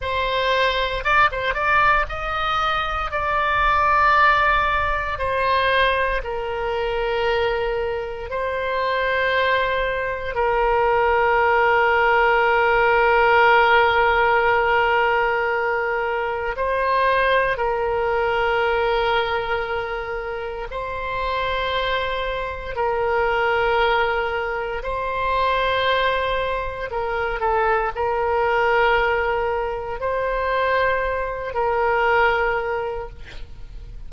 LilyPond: \new Staff \with { instrumentName = "oboe" } { \time 4/4 \tempo 4 = 58 c''4 d''16 c''16 d''8 dis''4 d''4~ | d''4 c''4 ais'2 | c''2 ais'2~ | ais'1 |
c''4 ais'2. | c''2 ais'2 | c''2 ais'8 a'8 ais'4~ | ais'4 c''4. ais'4. | }